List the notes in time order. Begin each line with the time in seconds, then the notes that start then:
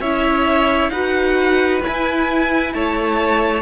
0.00 C#4 E4 C#5 E5
0.89 D#4 F#4 B4 F#5
1.82 E4 G#5
2.73 A3 C#5 A5